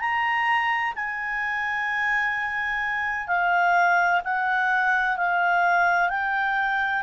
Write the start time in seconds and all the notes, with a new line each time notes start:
0.00 A#5
0.95 G#5
3.28 F5
4.24 F#5
5.17 F5
6.09 G5